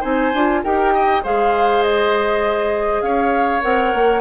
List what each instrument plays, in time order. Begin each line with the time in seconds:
0.00 bassoon C4, clarinet D#4, oboe C5, flute G#5
0.33 bassoon D4, clarinet F4
0.64 bassoon D#4, clarinet G4, oboe A#4, flute G5
0.94 oboe D#5
1.23 bassoon G#3, clarinet G#4, oboe C5, flute F5
1.83 flute D#5
3.02 bassoon C#4, oboe C#5, flute F5
3.62 bassoon C4, clarinet A#4, flute F#5
3.94 bassoon A#3